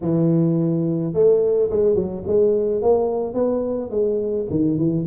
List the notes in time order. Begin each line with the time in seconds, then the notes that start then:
0.01 E3
1.13 A3
1.70 G#3
1.95 F#3
2.26 G#3
2.82 A#3
3.34 B3
3.90 G#3
4.50 D#3
4.77 E3